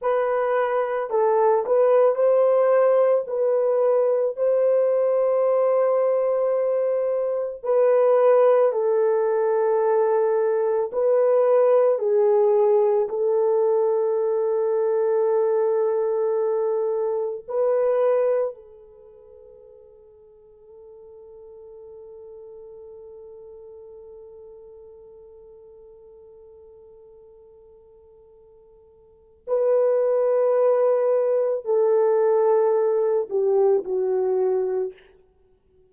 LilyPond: \new Staff \with { instrumentName = "horn" } { \time 4/4 \tempo 4 = 55 b'4 a'8 b'8 c''4 b'4 | c''2. b'4 | a'2 b'4 gis'4 | a'1 |
b'4 a'2.~ | a'1~ | a'2. b'4~ | b'4 a'4. g'8 fis'4 | }